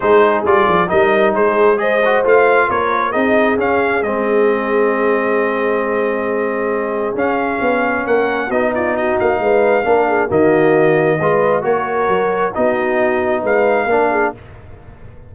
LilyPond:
<<
  \new Staff \with { instrumentName = "trumpet" } { \time 4/4 \tempo 4 = 134 c''4 d''4 dis''4 c''4 | dis''4 f''4 cis''4 dis''4 | f''4 dis''2.~ | dis''1 |
f''2 fis''4 dis''8 d''8 | dis''8 f''2~ f''8 dis''4~ | dis''2 cis''2 | dis''2 f''2 | }
  \new Staff \with { instrumentName = "horn" } { \time 4/4 gis'2 ais'4 gis'4 | c''2 ais'4 gis'4~ | gis'1~ | gis'1~ |
gis'2 ais'4 fis'8 f'8 | fis'4 b'4 ais'8 gis'8 fis'4~ | fis'4 b'4 ais'2 | fis'2 b'4 ais'8 gis'8 | }
  \new Staff \with { instrumentName = "trombone" } { \time 4/4 dis'4 f'4 dis'2 | gis'8 fis'8 f'2 dis'4 | cis'4 c'2.~ | c'1 |
cis'2. dis'4~ | dis'2 d'4 ais4~ | ais4 f'4 fis'2 | dis'2. d'4 | }
  \new Staff \with { instrumentName = "tuba" } { \time 4/4 gis4 g8 f8 g4 gis4~ | gis4 a4 ais4 c'4 | cis'4 gis2.~ | gis1 |
cis'4 b4 ais4 b4~ | b8 ais8 gis4 ais4 dis4~ | dis4 gis4 ais4 fis4 | b2 gis4 ais4 | }
>>